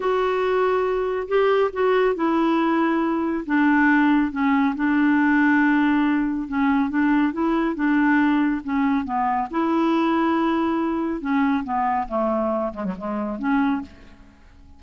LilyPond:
\new Staff \with { instrumentName = "clarinet" } { \time 4/4 \tempo 4 = 139 fis'2. g'4 | fis'4 e'2. | d'2 cis'4 d'4~ | d'2. cis'4 |
d'4 e'4 d'2 | cis'4 b4 e'2~ | e'2 cis'4 b4 | a4. gis16 fis16 gis4 cis'4 | }